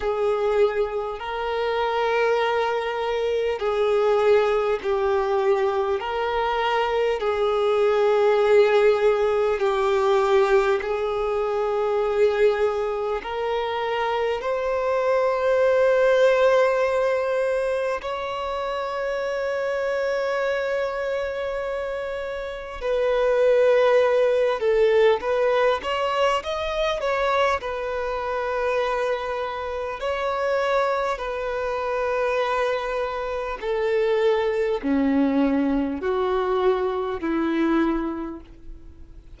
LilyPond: \new Staff \with { instrumentName = "violin" } { \time 4/4 \tempo 4 = 50 gis'4 ais'2 gis'4 | g'4 ais'4 gis'2 | g'4 gis'2 ais'4 | c''2. cis''4~ |
cis''2. b'4~ | b'8 a'8 b'8 cis''8 dis''8 cis''8 b'4~ | b'4 cis''4 b'2 | a'4 cis'4 fis'4 e'4 | }